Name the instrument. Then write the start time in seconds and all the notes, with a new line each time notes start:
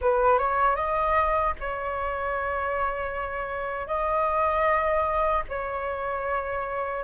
flute
0.01 B4
0.38 C#5
0.75 D#5
1.60 C#5
3.87 D#5
5.48 C#5